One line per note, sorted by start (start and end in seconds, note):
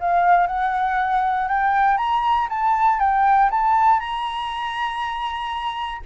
0.00 0.47 F5
0.47 1.48 F#5
1.48 1.98 G5
1.98 2.48 A#5
2.50 3.00 A5
3.00 3.50 G5
3.51 4.00 A5
4.00 6.02 A#5